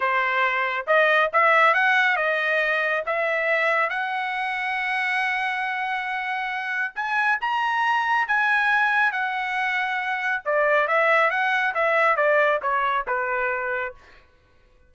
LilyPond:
\new Staff \with { instrumentName = "trumpet" } { \time 4/4 \tempo 4 = 138 c''2 dis''4 e''4 | fis''4 dis''2 e''4~ | e''4 fis''2.~ | fis''1 |
gis''4 ais''2 gis''4~ | gis''4 fis''2. | d''4 e''4 fis''4 e''4 | d''4 cis''4 b'2 | }